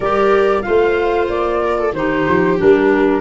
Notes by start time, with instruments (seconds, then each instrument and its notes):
0.00 tuba G3, clarinet G4, viola A#4, flute D5
0.61 clarinet F4, viola C5, flute F5
0.67 tuba A3
1.28 tuba A#3, flute D5
1.63 viola A#4
1.78 viola A4
1.92 tuba D#3, clarinet D#4, viola G4, flute C5
2.28 tuba F3
2.57 tuba G3, clarinet D4, flute A#4